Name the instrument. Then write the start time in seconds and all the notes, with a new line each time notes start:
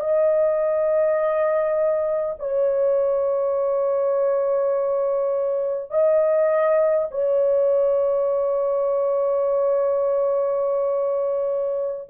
horn
0.00 D#5
2.39 C#5
5.90 D#5
7.11 C#5